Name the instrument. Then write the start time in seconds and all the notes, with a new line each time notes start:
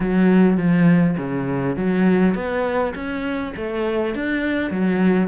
cello
0.00 F#3
0.57 F3
1.17 C#3
1.76 F#3
2.34 B3
2.94 C#4
3.56 A3
4.14 D4
4.70 F#3